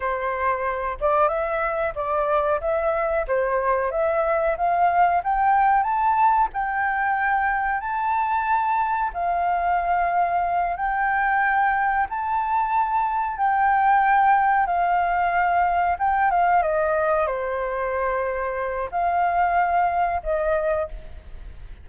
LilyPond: \new Staff \with { instrumentName = "flute" } { \time 4/4 \tempo 4 = 92 c''4. d''8 e''4 d''4 | e''4 c''4 e''4 f''4 | g''4 a''4 g''2 | a''2 f''2~ |
f''8 g''2 a''4.~ | a''8 g''2 f''4.~ | f''8 g''8 f''8 dis''4 c''4.~ | c''4 f''2 dis''4 | }